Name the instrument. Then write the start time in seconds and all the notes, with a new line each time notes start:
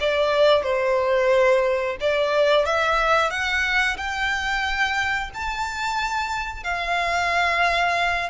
violin
0.00 D5
0.64 C5
2.00 D5
2.66 E5
3.30 F#5
3.97 G5
5.34 A5
6.64 F5